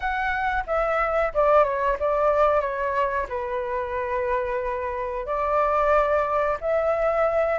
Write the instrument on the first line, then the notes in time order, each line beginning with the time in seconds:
flute
0.00 F#5
0.67 E5
1.34 D5
1.63 C#5
1.99 D5
2.60 C#5
3.28 B4
5.25 D5
6.61 E5